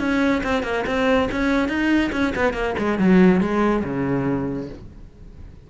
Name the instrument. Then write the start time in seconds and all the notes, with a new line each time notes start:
cello
0.00 C#4
0.44 C4
0.64 A#3
0.87 C4
1.32 C#4
1.69 D#4
2.13 C#4
2.36 B3
2.54 A#3
2.79 G#3
2.99 F#3
3.41 G#3
3.85 C#3